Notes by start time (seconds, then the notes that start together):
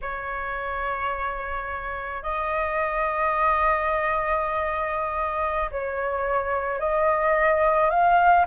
0.01 C#5
2.22 D#5
5.71 C#5
6.79 D#5
7.90 F5